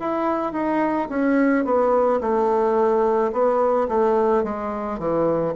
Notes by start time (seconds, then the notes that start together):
0.00 E4
0.53 D#4
1.10 C#4
1.65 B3
2.21 A3
3.33 B3
3.89 A3
4.44 G#3
4.99 E3